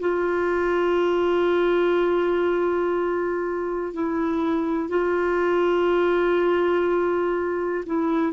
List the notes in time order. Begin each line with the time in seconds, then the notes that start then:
0.00 F4
3.94 E4
4.90 F4
7.86 E4